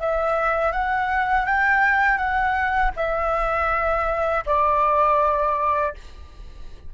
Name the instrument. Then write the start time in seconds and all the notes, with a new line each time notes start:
flute
0.00 E5
0.72 F#5
1.46 G5
2.18 F#5
2.97 E5
4.46 D5